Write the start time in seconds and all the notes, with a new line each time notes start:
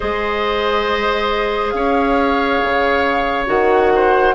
0.00 G#3 G#4 C5 D#5
1.70 C#4 C#5 F5
2.63 C#3
3.46 D#3 F#4 F#5
3.95 C5